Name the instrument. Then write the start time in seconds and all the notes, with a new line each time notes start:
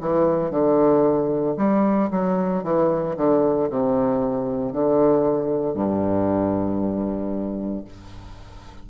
bassoon
0.00 E3
0.50 D3
1.57 G3
2.11 F#3
2.63 E3
3.16 D3
3.69 C3
4.72 D3
5.74 G2